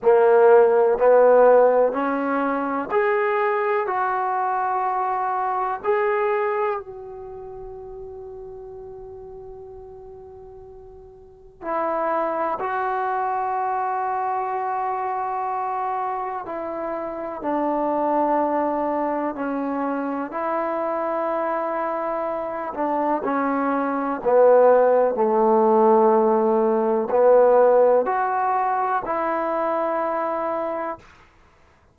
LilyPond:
\new Staff \with { instrumentName = "trombone" } { \time 4/4 \tempo 4 = 62 ais4 b4 cis'4 gis'4 | fis'2 gis'4 fis'4~ | fis'1 | e'4 fis'2.~ |
fis'4 e'4 d'2 | cis'4 e'2~ e'8 d'8 | cis'4 b4 a2 | b4 fis'4 e'2 | }